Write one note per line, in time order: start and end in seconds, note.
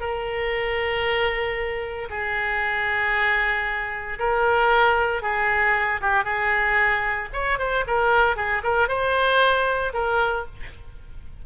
0.00 2.09 A#4
2.10 4.18 G#4
4.19 5.22 A#4
5.22 6.00 G#4
6.01 6.24 G4
6.24 7.29 G#4
7.33 7.58 C#5
7.58 7.85 C5
7.87 8.36 A#4
8.36 8.62 G#4
8.63 8.88 A#4
8.88 9.92 C5
9.93 10.45 A#4